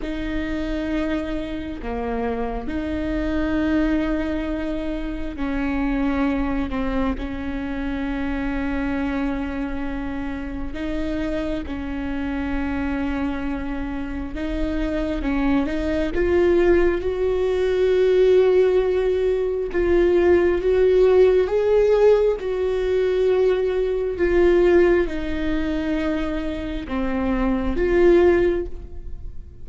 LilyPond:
\new Staff \with { instrumentName = "viola" } { \time 4/4 \tempo 4 = 67 dis'2 ais4 dis'4~ | dis'2 cis'4. c'8 | cis'1 | dis'4 cis'2. |
dis'4 cis'8 dis'8 f'4 fis'4~ | fis'2 f'4 fis'4 | gis'4 fis'2 f'4 | dis'2 c'4 f'4 | }